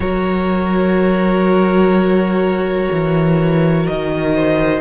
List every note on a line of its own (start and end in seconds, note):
0.00 2.88 F#3
0.00 4.81 F#4
0.00 4.34 A#4
0.00 3.86 C#5
2.92 3.88 E3
3.86 4.81 D#3
3.86 4.81 D#5
4.34 4.81 C5